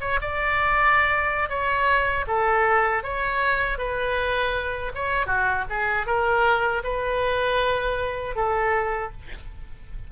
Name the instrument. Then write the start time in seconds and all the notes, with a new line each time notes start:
oboe
0.00 C#5
0.21 D5
1.49 C#5
2.27 A4
3.03 C#5
3.78 B4
4.95 C#5
5.26 F#4
5.69 G#4
6.06 A#4
6.83 B4
8.35 A4